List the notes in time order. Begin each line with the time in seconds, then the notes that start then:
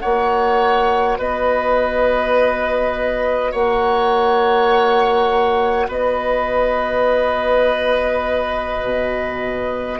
0.00 A#3 F#4 C#5 F#5
1.18 B3 B4 D#5
3.52 A#3 C#5 F#5
5.88 B3 B4 D#5
8.84 B2